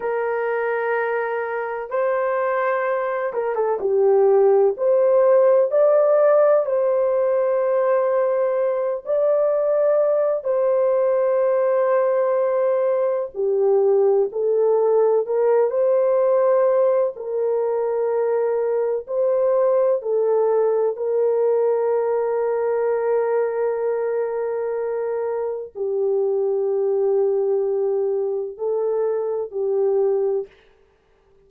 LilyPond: \new Staff \with { instrumentName = "horn" } { \time 4/4 \tempo 4 = 63 ais'2 c''4. ais'16 a'16 | g'4 c''4 d''4 c''4~ | c''4. d''4. c''4~ | c''2 g'4 a'4 |
ais'8 c''4. ais'2 | c''4 a'4 ais'2~ | ais'2. g'4~ | g'2 a'4 g'4 | }